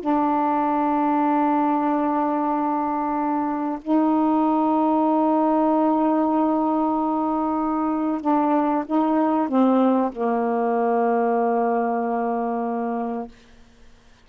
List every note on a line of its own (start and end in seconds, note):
0.00 3.79 D4
3.81 8.21 D#4
8.21 8.84 D4
8.86 9.48 D#4
9.48 10.11 C4
10.12 13.28 A#3